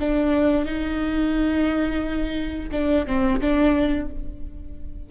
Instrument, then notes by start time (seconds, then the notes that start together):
viola
0.00 D4
0.65 D#4
2.72 D4
3.07 C4
3.41 D4